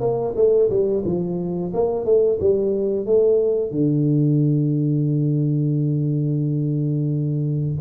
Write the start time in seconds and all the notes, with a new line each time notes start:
0.00 A#3
0.36 A3
0.70 G3
1.05 F3
1.73 A#3
2.05 A3
2.40 G3
3.06 A3
3.71 D3